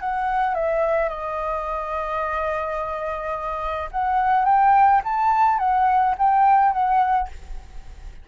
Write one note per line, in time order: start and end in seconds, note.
0.00 0.54 F#5
0.54 1.09 E5
1.09 3.89 D#5
3.91 4.45 F#5
4.45 5.01 G5
5.04 5.58 A5
5.58 6.15 F#5
6.18 6.72 G5
6.72 7.28 F#5